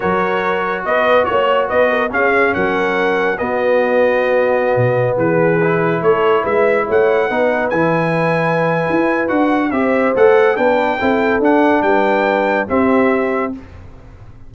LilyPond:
<<
  \new Staff \with { instrumentName = "trumpet" } { \time 4/4 \tempo 4 = 142 cis''2 dis''4 cis''4 | dis''4 f''4 fis''2 | dis''1~ | dis''16 b'2 cis''4 e''8.~ |
e''16 fis''2 gis''4.~ gis''16~ | gis''2 fis''4 e''4 | fis''4 g''2 fis''4 | g''2 e''2 | }
  \new Staff \with { instrumentName = "horn" } { \time 4/4 ais'2 b'4 cis''4 | b'8 ais'8 gis'4 ais'2 | fis'1~ | fis'16 gis'2 a'4 b'8.~ |
b'16 cis''4 b'2~ b'8.~ | b'2. c''4~ | c''4 b'4 a'2 | b'2 g'2 | }
  \new Staff \with { instrumentName = "trombone" } { \time 4/4 fis'1~ | fis'4 cis'2. | b1~ | b4~ b16 e'2~ e'8.~ |
e'4~ e'16 dis'4 e'4.~ e'16~ | e'2 fis'4 g'4 | a'4 d'4 e'4 d'4~ | d'2 c'2 | }
  \new Staff \with { instrumentName = "tuba" } { \time 4/4 fis2 b4 ais4 | b4 cis'4 fis2 | b2.~ b16 b,8.~ | b,16 e2 a4 gis8.~ |
gis16 a4 b4 e4.~ e16~ | e4 e'4 d'4 c'4 | a4 b4 c'4 d'4 | g2 c'2 | }
>>